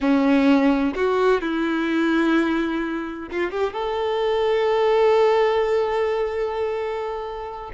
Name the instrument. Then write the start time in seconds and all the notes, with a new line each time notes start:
violin
0.00 C#4
0.95 F#4
1.41 E4
3.30 F4
3.50 G4
3.72 A4